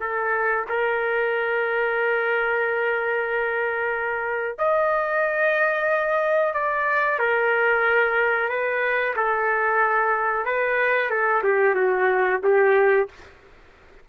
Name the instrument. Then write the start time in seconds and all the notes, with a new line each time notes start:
trumpet
0.00 A4
0.69 A#4
4.58 D#5
6.54 D5
7.19 A#4
8.49 B4
9.16 A4
10.45 B4
11.10 A4
11.43 G4
11.75 F#4
12.43 G4